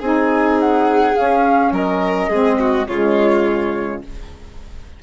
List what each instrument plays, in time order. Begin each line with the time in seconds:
0.00 bassoon C4, saxophone D#4, violin G#4, flute G#5
0.60 flute F#5
1.16 saxophone C#4, bassoon C#4, flute F5
1.72 bassoon F#3, violin A#4, flute D#5
2.30 bassoon G#3, saxophone C4, violin G#4
2.60 violin F#4
2.87 bassoon C#3, saxophone G#3, violin F4, flute C#5